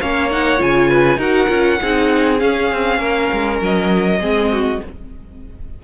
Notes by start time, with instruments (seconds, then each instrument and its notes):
0.00 cello A#3, viola C#4, violin C#5 F5
0.30 viola D#4, violin F#5
0.57 cello C#3, viola F4, violin G#5
0.89 violin B4
1.16 cello D#4, viola F#4, violin A#4 F#5
1.48 cello C#4, viola F4
1.81 cello C4, viola D#4, violin G#4
2.38 viola C#4, cello C#4, violin F5
2.72 cello C4
2.98 cello A#3, violin A#4
3.32 cello G#3
3.61 cello F#3, violin D#5
4.20 cello G#3, viola C4, violin G#4
4.52 violin F#4